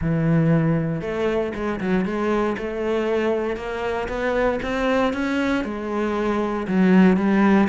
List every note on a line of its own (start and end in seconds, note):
0.01 1.01 E3
1.01 1.52 A3
1.54 1.79 G#3
1.80 2.05 F#3
2.05 2.56 G#3
2.57 3.56 A3
3.56 4.07 A#3
4.08 4.59 B3
4.62 5.13 C4
5.13 5.64 C#4
5.64 6.67 G#3
6.67 7.16 F#3
7.16 7.68 G3